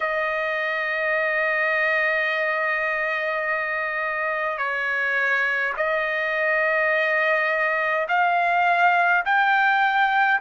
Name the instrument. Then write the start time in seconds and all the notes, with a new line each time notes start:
trumpet
0.00 D#5
4.57 C#5
5.76 D#5
8.08 F5
9.25 G5